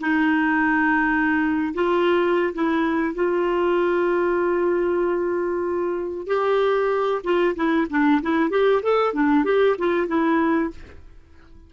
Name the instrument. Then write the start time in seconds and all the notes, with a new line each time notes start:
clarinet
0.00 D#4
1.74 F4
2.54 E4
3.14 F4
6.27 G4
7.24 F4
7.56 E4
7.90 D4
8.22 E4
8.50 G4
8.82 A4
9.13 D4
9.44 G4
9.78 F4
10.07 E4